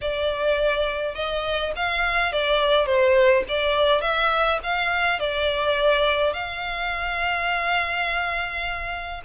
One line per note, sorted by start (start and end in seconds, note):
0.01 1.15 D5
1.15 1.72 D#5
1.76 2.32 F5
2.32 2.86 D5
2.86 3.43 C5
3.48 4.01 D5
4.01 4.59 E5
4.63 5.19 F5
5.19 6.33 D5
6.33 9.21 F5